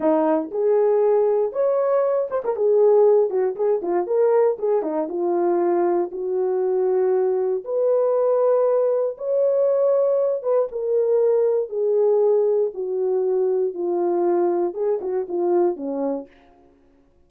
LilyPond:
\new Staff \with { instrumentName = "horn" } { \time 4/4 \tempo 4 = 118 dis'4 gis'2 cis''4~ | cis''8 c''16 ais'16 gis'4. fis'8 gis'8 f'8 | ais'4 gis'8 dis'8 f'2 | fis'2. b'4~ |
b'2 cis''2~ | cis''8 b'8 ais'2 gis'4~ | gis'4 fis'2 f'4~ | f'4 gis'8 fis'8 f'4 cis'4 | }